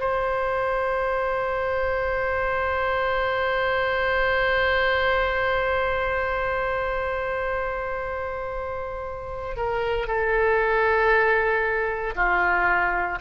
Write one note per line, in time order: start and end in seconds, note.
0.00 9.56 C5
9.56 10.07 A#4
10.07 12.14 A4
12.16 13.19 F4